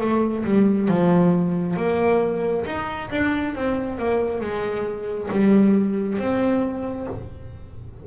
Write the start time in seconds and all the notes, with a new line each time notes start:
0.00 A3
0.45 G3
0.88 F3
1.76 A#3
2.66 D#4
3.10 D4
3.55 C4
3.98 A#3
4.41 G#3
5.31 G3
6.18 C4